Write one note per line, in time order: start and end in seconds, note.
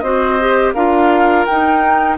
0.00 0.74 C4
0.00 0.39 F#4
0.00 0.74 C5
0.00 0.71 D#5
0.40 0.76 G4
0.74 1.45 D4
0.74 1.47 F4
0.74 2.17 A#4
0.74 1.45 F5
1.46 2.18 D#4
1.46 2.17 G5